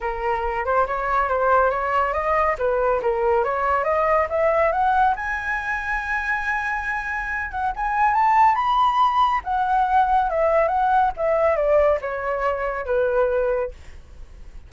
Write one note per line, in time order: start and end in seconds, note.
0.00 0.65 A#4
0.65 0.86 C5
0.86 1.28 C#5
1.28 1.70 C5
1.70 2.13 C#5
2.13 2.56 D#5
2.58 3.01 B4
3.02 3.43 A#4
3.43 3.84 C#5
3.84 4.27 D#5
4.29 4.71 E5
4.71 5.14 F#5
5.16 7.51 G#5
7.51 7.72 F#5
7.76 8.14 G#5
8.14 8.55 A5
8.55 9.41 B5
9.44 10.30 F#5
10.30 10.68 E5
10.68 11.11 F#5
11.16 11.56 E5
11.56 11.99 D5
12.01 12.85 C#5
12.85 13.71 B4